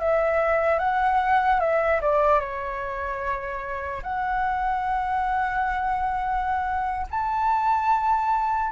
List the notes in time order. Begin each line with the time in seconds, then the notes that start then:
0.00 E5
0.79 F#5
1.60 E5
2.02 D5
2.40 C#5
4.03 F#5
7.11 A5